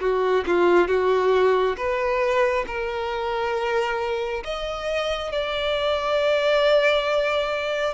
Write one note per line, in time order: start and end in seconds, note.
0.00 0.44 F#4
0.47 0.88 F4
0.88 1.76 F#4
1.77 2.65 B4
2.67 4.44 A#4
4.44 5.32 D#5
5.32 7.94 D5